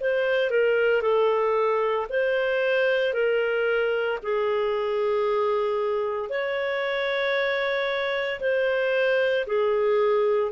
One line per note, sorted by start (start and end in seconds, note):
0.00 0.50 C5
0.50 1.01 A#4
1.01 2.07 A4
2.09 3.13 C5
3.13 4.19 A#4
4.22 6.29 G#4
6.29 8.40 C#5
8.40 9.45 C5
9.46 10.51 G#4